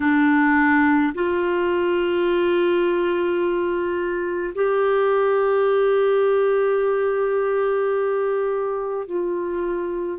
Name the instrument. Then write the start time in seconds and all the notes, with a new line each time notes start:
clarinet
0.00 D4
1.14 F4
4.54 G4
9.06 F4